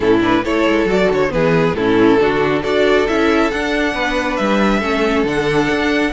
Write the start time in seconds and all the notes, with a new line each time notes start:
0.00 A2 C#4 E4 A4
0.20 D4 B4
0.44 A3 E4 A4 C#5
0.68 G#3
0.85 F#3 F#4 D5
1.11 D3 C#5
1.29 E3 B3 G#4 B4
1.72 A2 C#4 E4 A4
2.19 D3 D4 F#4
2.61 D4 F#4 A4 D5
3.07 C#4 E4 E5
3.50 D4 F#5
3.93 B3 B4
4.36 G3 E5
4.79 A3 C#4 A4
5.24 D3 D4 F#5
5.70 D4